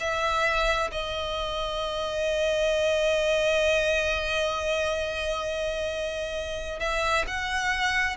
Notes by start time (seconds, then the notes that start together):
0.00 E5
0.92 D#5
6.80 E5
7.28 F#5